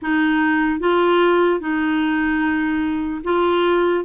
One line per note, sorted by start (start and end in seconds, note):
0.01 0.80 D#4
0.80 1.60 F4
1.60 3.22 D#4
3.24 4.05 F4